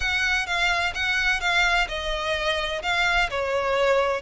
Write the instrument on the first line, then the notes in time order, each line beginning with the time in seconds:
violin
0.00 F#5
0.46 F5
0.94 F#5
1.40 F5
1.88 D#5
2.82 F5
3.30 C#5